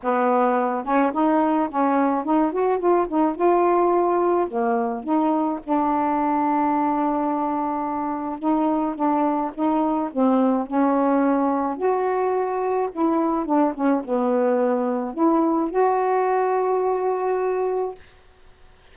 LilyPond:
\new Staff \with { instrumentName = "saxophone" } { \time 4/4 \tempo 4 = 107 b4. cis'8 dis'4 cis'4 | dis'8 fis'8 f'8 dis'8 f'2 | ais4 dis'4 d'2~ | d'2. dis'4 |
d'4 dis'4 c'4 cis'4~ | cis'4 fis'2 e'4 | d'8 cis'8 b2 e'4 | fis'1 | }